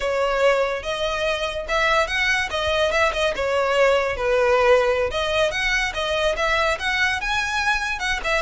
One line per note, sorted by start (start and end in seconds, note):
0.00 0.83 C#5
0.83 1.66 D#5
1.68 2.07 E5
2.07 2.49 F#5
2.50 2.91 D#5
2.91 3.12 E5
3.13 3.34 D#5
3.35 4.16 C#5
4.16 5.10 B4
5.10 5.51 D#5
5.51 5.93 F#5
5.94 6.35 D#5
6.36 6.78 E5
6.79 7.20 F#5
7.20 7.99 G#5
7.99 8.20 F#5
8.23 8.42 E5